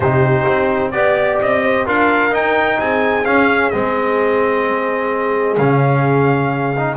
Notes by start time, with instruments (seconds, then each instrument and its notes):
0.00 double bass C3, trombone D#4, horn G4, trumpet C5
0.47 double bass C4
0.91 double bass B3, trombone G4, trumpet D5, horn D5
1.40 double bass C4, trumpet D#5
1.63 horn C5
1.85 double bass D4, trombone F4, horn A#4, trumpet F5
2.30 trombone D#4, double bass D#4, trumpet G5
2.79 double bass C4, horn G#4, trumpet G#5
3.25 trombone C#4, double bass C#4, trumpet F5
3.70 double bass G#3, trombone C4, trumpet D#5
5.57 double bass C#3, trombone C#4, trumpet F5
6.77 trombone D#4